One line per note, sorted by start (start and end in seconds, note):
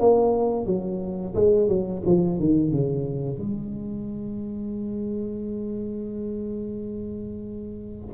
0.00 0.67 A#3
0.67 1.35 F#3
1.35 1.69 G#3
1.69 2.03 F#3
2.06 2.40 F3
2.40 2.72 D#3
2.72 3.39 C#3
3.39 8.14 G#3